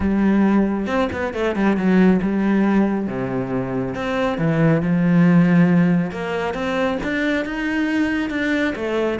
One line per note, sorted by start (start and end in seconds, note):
0.00 0.87 G3
0.87 1.08 C4
1.12 1.33 B3
1.33 1.55 A3
1.55 1.76 G3
1.76 2.20 F#3
2.22 3.07 G3
3.07 3.94 C3
3.94 4.38 C4
4.38 4.82 E3
4.82 6.11 F3
6.11 6.54 A#3
6.54 6.98 C4
7.03 7.45 D4
7.45 8.30 D#4
8.30 8.74 D4
8.75 9.19 A3